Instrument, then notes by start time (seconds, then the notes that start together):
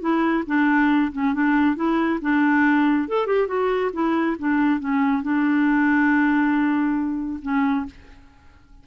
clarinet
0.00 E4
0.46 D4
1.12 C#4
1.34 D4
1.76 E4
2.21 D4
3.08 A4
3.26 G4
3.47 F#4
3.93 E4
4.39 D4
4.80 C#4
5.22 D4
7.42 C#4